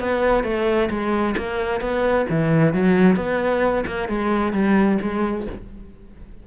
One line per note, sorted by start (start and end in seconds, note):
0.00 0.44 B3
0.44 0.89 A3
0.90 1.36 G#3
1.37 1.81 A#3
1.81 2.26 B3
2.30 2.74 E3
2.74 3.17 F#3
3.17 3.85 B3
3.87 4.08 A#3
4.08 4.53 G#3
4.53 4.99 G3
5.02 5.47 G#3